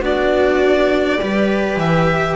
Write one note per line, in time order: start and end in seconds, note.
0.00 1.18 B3
0.00 1.20 D4
0.00 1.19 F#4
0.00 1.79 D5
1.20 1.76 G3
1.20 2.36 G4
1.20 2.36 B4
1.76 2.35 E3
1.76 2.36 E5